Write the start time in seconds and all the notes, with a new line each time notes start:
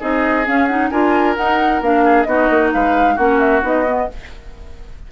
0.00 C4 D#4 G#4 D#5
0.45 C#4 F5
0.67 D#4 F#5
0.90 D4 F4 A#4 G#5
1.37 D#4 F#5
1.81 A#3 D4 F5
2.05 G#4
2.24 B3 D#4 F#4 D#5
2.50 A#3
2.73 G#3 B4 F5
3.15 A#3 C#4 F#4 F#5
3.40 E5
3.62 B3 D#4 D#5
3.86 B3